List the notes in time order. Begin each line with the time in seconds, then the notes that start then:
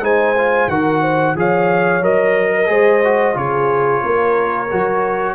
0.00 G#3 D#4 C5 G#5
0.37 F4
0.67 D#3 F#4 A#4 F#5
1.01 C5
1.35 F3 G#4 C#5 F5
2.02 F#3 A#4 D#5
2.53 A#4
2.67 G#3 G#4 C5
3.04 F#4
3.33 C#3 F4 G#4 C#5
4.01 A#3 A#4
4.71 F#3 F#4